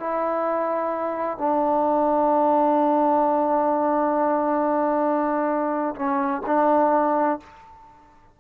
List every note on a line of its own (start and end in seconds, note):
0.00 1.38 E4
1.38 5.95 D4
5.96 6.43 C#4
6.46 7.40 D4